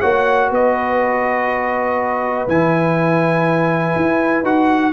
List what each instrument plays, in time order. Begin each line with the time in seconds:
0.00 tuba A#3, trombone F#4, horn C#5, trumpet F#5
0.50 tuba B3, horn B4, trumpet D#5
2.47 tuba E3, trombone E4, trumpet G#5
3.95 tuba E4
4.43 tuba D#4, trombone F#4, trumpet F#5